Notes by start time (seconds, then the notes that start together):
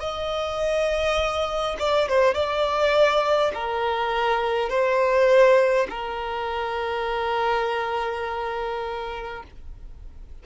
0.00 D#5
1.79 D5
2.09 C5
2.34 D5
3.54 A#4
4.70 C5
5.90 A#4